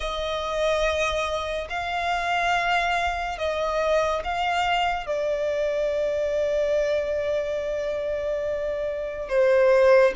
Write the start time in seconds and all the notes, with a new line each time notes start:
0.00 D#5
1.69 F5
3.38 D#5
4.24 F5
5.06 D5
9.28 C5